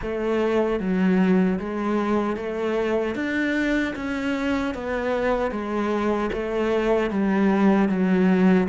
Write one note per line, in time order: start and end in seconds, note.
0.01 0.79 A3
0.79 1.58 F#3
1.59 2.36 G#3
2.36 3.15 A3
3.15 3.94 D4
3.95 4.74 C#4
4.74 5.50 B3
5.50 6.29 G#3
6.32 7.10 A3
7.10 7.88 G3
7.88 8.67 F#3